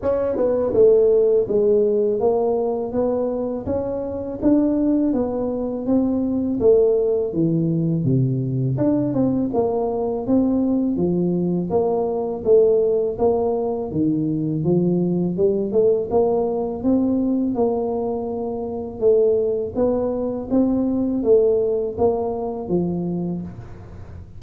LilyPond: \new Staff \with { instrumentName = "tuba" } { \time 4/4 \tempo 4 = 82 cis'8 b8 a4 gis4 ais4 | b4 cis'4 d'4 b4 | c'4 a4 e4 c4 | d'8 c'8 ais4 c'4 f4 |
ais4 a4 ais4 dis4 | f4 g8 a8 ais4 c'4 | ais2 a4 b4 | c'4 a4 ais4 f4 | }